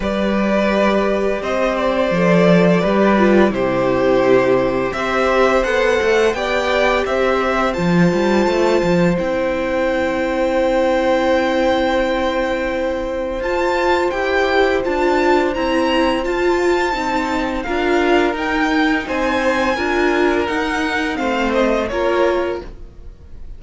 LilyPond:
<<
  \new Staff \with { instrumentName = "violin" } { \time 4/4 \tempo 4 = 85 d''2 dis''8 d''4.~ | d''4 c''2 e''4 | fis''4 g''4 e''4 a''4~ | a''4 g''2.~ |
g''2. a''4 | g''4 a''4 ais''4 a''4~ | a''4 f''4 g''4 gis''4~ | gis''4 fis''4 f''8 dis''8 cis''4 | }
  \new Staff \with { instrumentName = "violin" } { \time 4/4 b'2 c''2 | b'4 g'2 c''4~ | c''4 d''4 c''2~ | c''1~ |
c''1~ | c''1~ | c''4 ais'2 c''4 | ais'2 c''4 ais'4 | }
  \new Staff \with { instrumentName = "viola" } { \time 4/4 g'2. a'4 | g'8 f'8 e'2 g'4 | a'4 g'2 f'4~ | f'4 e'2.~ |
e'2. f'4 | g'4 f'4 e'4 f'4 | dis'4 f'4 dis'2 | f'4 dis'4 c'4 f'4 | }
  \new Staff \with { instrumentName = "cello" } { \time 4/4 g2 c'4 f4 | g4 c2 c'4 | b8 a8 b4 c'4 f8 g8 | a8 f8 c'2.~ |
c'2. f'4 | e'4 d'4 c'4 f'4 | c'4 d'4 dis'4 c'4 | d'4 dis'4 a4 ais4 | }
>>